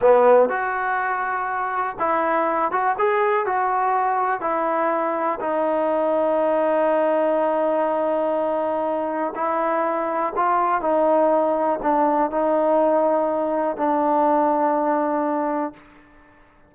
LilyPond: \new Staff \with { instrumentName = "trombone" } { \time 4/4 \tempo 4 = 122 b4 fis'2. | e'4. fis'8 gis'4 fis'4~ | fis'4 e'2 dis'4~ | dis'1~ |
dis'2. e'4~ | e'4 f'4 dis'2 | d'4 dis'2. | d'1 | }